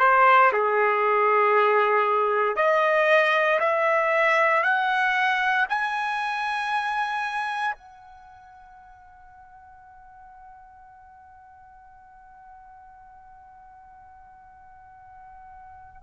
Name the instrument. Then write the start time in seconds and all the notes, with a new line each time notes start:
trumpet
0.00 C5
0.53 G#4
2.56 D#5
3.60 E5
4.64 F#5
5.69 G#5
7.75 F#5